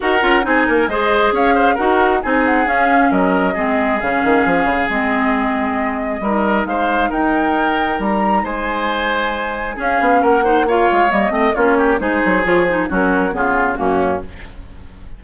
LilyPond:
<<
  \new Staff \with { instrumentName = "flute" } { \time 4/4 \tempo 4 = 135 fis''4 gis''4 dis''4 f''4 | fis''4 gis''8 fis''8 f''4 dis''4~ | dis''4 f''2 dis''4~ | dis''2. f''4 |
g''2 ais''4 gis''4~ | gis''2 f''4 fis''4 | f''4 dis''4 cis''4 c''4 | cis''8 c''8 ais'4 gis'4 fis'4 | }
  \new Staff \with { instrumentName = "oboe" } { \time 4/4 ais'4 gis'8 ais'8 c''4 cis''8 c''8 | ais'4 gis'2 ais'4 | gis'1~ | gis'2 ais'4 c''4 |
ais'2. c''4~ | c''2 gis'4 ais'8 c''8 | cis''4. dis''8 f'8 g'8 gis'4~ | gis'4 fis'4 f'4 cis'4 | }
  \new Staff \with { instrumentName = "clarinet" } { \time 4/4 fis'8 f'8 dis'4 gis'2 | fis'4 dis'4 cis'2 | c'4 cis'2 c'4~ | c'2 dis'2~ |
dis'1~ | dis'2 cis'4. dis'8 | f'4 ais8 c'8 cis'4 dis'4 | f'8 dis'8 cis'4 b4 ais4 | }
  \new Staff \with { instrumentName = "bassoon" } { \time 4/4 dis'8 cis'8 c'8 ais8 gis4 cis'4 | dis'4 c'4 cis'4 fis4 | gis4 cis8 dis8 f8 cis8 gis4~ | gis2 g4 gis4 |
dis'2 g4 gis4~ | gis2 cis'8 b8 ais4~ | ais8 gis8 g8 a8 ais4 gis8 fis8 | f4 fis4 cis4 fis,4 | }
>>